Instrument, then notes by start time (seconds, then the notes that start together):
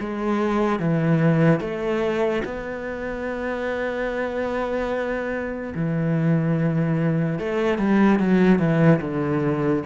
cello
0.00 G#3
0.80 E3
1.60 A3
2.45 B3
5.75 E3
7.39 A3
7.79 G3
8.20 F#3
8.59 E3
9.01 D3